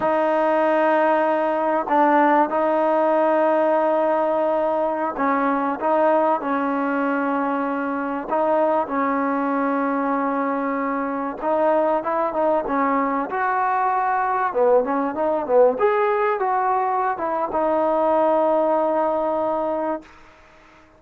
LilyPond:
\new Staff \with { instrumentName = "trombone" } { \time 4/4 \tempo 4 = 96 dis'2. d'4 | dis'1~ | dis'16 cis'4 dis'4 cis'4.~ cis'16~ | cis'4~ cis'16 dis'4 cis'4.~ cis'16~ |
cis'2~ cis'16 dis'4 e'8 dis'16~ | dis'16 cis'4 fis'2 b8 cis'16~ | cis'16 dis'8 b8 gis'4 fis'4~ fis'16 e'8 | dis'1 | }